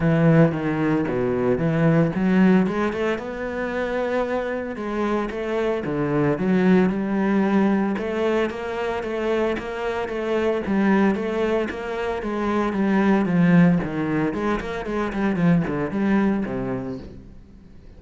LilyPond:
\new Staff \with { instrumentName = "cello" } { \time 4/4 \tempo 4 = 113 e4 dis4 b,4 e4 | fis4 gis8 a8 b2~ | b4 gis4 a4 d4 | fis4 g2 a4 |
ais4 a4 ais4 a4 | g4 a4 ais4 gis4 | g4 f4 dis4 gis8 ais8 | gis8 g8 f8 d8 g4 c4 | }